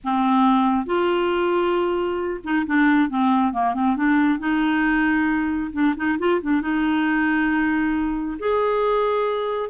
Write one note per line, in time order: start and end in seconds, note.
0.04 0.85 C4
0.85 2.40 F4
2.43 2.66 D#4
2.66 3.09 D4
3.09 3.53 C4
3.53 3.74 A#3
3.74 3.96 C4
3.96 4.39 D4
4.39 5.71 D#4
5.72 5.94 D4
5.96 6.18 D#4
6.19 6.41 F4
6.41 6.61 D4
6.61 8.38 D#4
8.39 9.69 G#4